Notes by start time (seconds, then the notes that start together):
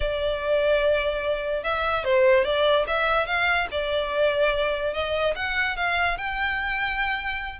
0.00 D5
1.63 E5
2.04 C5
2.44 D5
2.87 E5
3.26 F5
3.71 D5
4.93 D#5
5.35 F#5
5.76 F5
6.17 G5